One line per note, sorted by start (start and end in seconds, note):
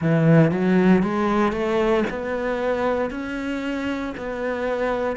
0.01 0.51 E3
0.51 1.03 F#3
1.03 1.52 G#3
1.52 2.04 A3
2.09 3.10 B3
3.10 4.14 C#4
4.17 5.16 B3